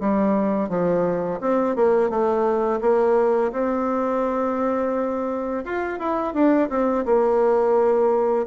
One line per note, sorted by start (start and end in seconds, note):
0.00 0.69 G3
0.69 1.40 F3
1.41 1.76 C4
1.76 2.10 A#3
2.10 2.80 A3
2.81 3.52 A#3
3.52 5.64 C4
5.65 5.99 F4
5.99 6.34 E4
6.34 6.69 D4
6.70 7.05 C4
7.05 8.46 A#3